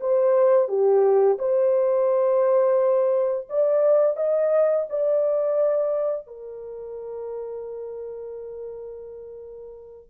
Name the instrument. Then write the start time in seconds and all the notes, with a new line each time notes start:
horn
0.00 C5
0.68 G4
1.38 C5
3.49 D5
4.16 D#5
4.89 D5
6.27 A#4